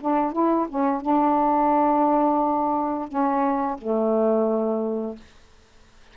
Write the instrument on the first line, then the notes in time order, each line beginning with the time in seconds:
saxophone
0.00 D4
0.32 E4
0.68 C#4
1.01 D4
3.08 C#4
3.78 A3